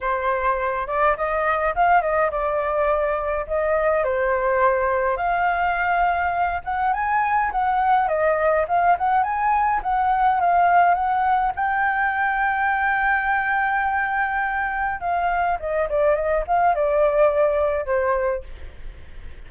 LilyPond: \new Staff \with { instrumentName = "flute" } { \time 4/4 \tempo 4 = 104 c''4. d''8 dis''4 f''8 dis''8 | d''2 dis''4 c''4~ | c''4 f''2~ f''8 fis''8 | gis''4 fis''4 dis''4 f''8 fis''8 |
gis''4 fis''4 f''4 fis''4 | g''1~ | g''2 f''4 dis''8 d''8 | dis''8 f''8 d''2 c''4 | }